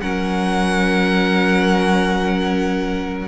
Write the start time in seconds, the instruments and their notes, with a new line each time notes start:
0.00 cello F#3, viola C#4, violin A#4 F#5